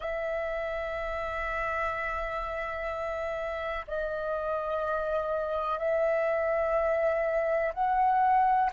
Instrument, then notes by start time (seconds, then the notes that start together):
flute
0.00 E5
3.87 D#5
5.78 E5
7.73 F#5